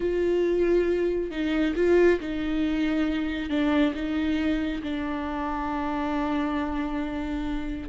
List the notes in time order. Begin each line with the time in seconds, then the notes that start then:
0.00 F4
1.30 D#4
1.75 F4
2.20 D#4
3.49 D4
3.94 D#4
4.82 D4